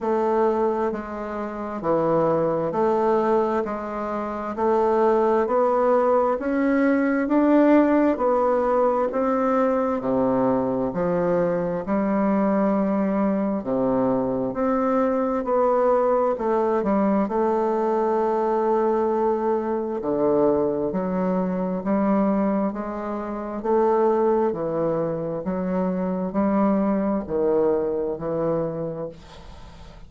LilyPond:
\new Staff \with { instrumentName = "bassoon" } { \time 4/4 \tempo 4 = 66 a4 gis4 e4 a4 | gis4 a4 b4 cis'4 | d'4 b4 c'4 c4 | f4 g2 c4 |
c'4 b4 a8 g8 a4~ | a2 d4 fis4 | g4 gis4 a4 e4 | fis4 g4 dis4 e4 | }